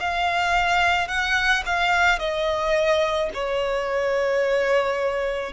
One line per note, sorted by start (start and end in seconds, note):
0.00 1.08 F5
1.08 1.64 F#5
1.66 2.19 F5
2.19 3.30 D#5
3.34 5.53 C#5